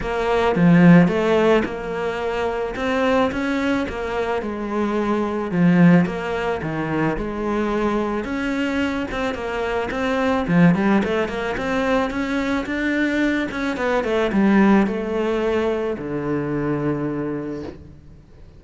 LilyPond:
\new Staff \with { instrumentName = "cello" } { \time 4/4 \tempo 4 = 109 ais4 f4 a4 ais4~ | ais4 c'4 cis'4 ais4 | gis2 f4 ais4 | dis4 gis2 cis'4~ |
cis'8 c'8 ais4 c'4 f8 g8 | a8 ais8 c'4 cis'4 d'4~ | d'8 cis'8 b8 a8 g4 a4~ | a4 d2. | }